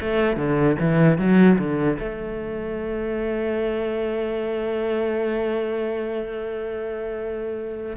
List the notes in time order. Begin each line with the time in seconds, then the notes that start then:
0.00 A3
0.36 D3
0.79 E3
1.18 F#3
1.58 D3
1.99 A3